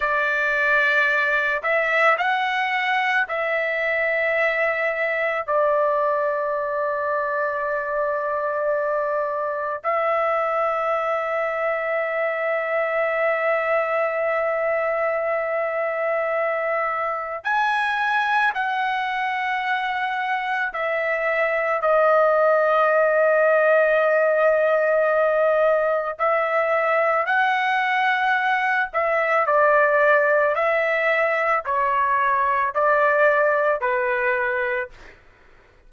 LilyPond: \new Staff \with { instrumentName = "trumpet" } { \time 4/4 \tempo 4 = 55 d''4. e''8 fis''4 e''4~ | e''4 d''2.~ | d''4 e''2.~ | e''1 |
gis''4 fis''2 e''4 | dis''1 | e''4 fis''4. e''8 d''4 | e''4 cis''4 d''4 b'4 | }